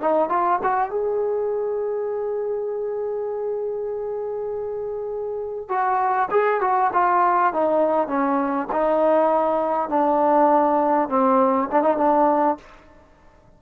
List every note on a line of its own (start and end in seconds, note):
0.00 0.29 D#4
0.29 0.59 F4
0.63 0.89 F#4
0.89 5.68 G#4
5.68 6.28 F#4
6.31 6.61 G#4
6.61 6.91 F#4
6.93 7.53 F4
7.53 8.07 D#4
8.07 8.67 C#4
8.72 9.89 D#4
9.89 11.08 D4
11.08 11.68 C4
11.71 11.82 D4
11.82 11.97 D#4
11.97 12.57 D4